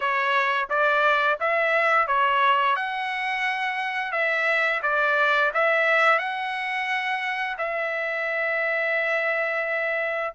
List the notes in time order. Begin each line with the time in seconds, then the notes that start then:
0.00 C#5
0.69 D5
1.39 E5
2.07 C#5
2.76 F#5
4.12 E5
4.82 D5
5.54 E5
6.18 F#5
7.57 E5